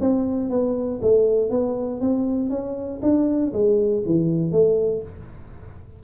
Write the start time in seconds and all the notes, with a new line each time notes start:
0.00 C4
0.50 B3
1.02 A3
1.50 B3
2.00 C4
2.50 C#4
3.02 D4
3.53 G#3
4.06 E3
4.51 A3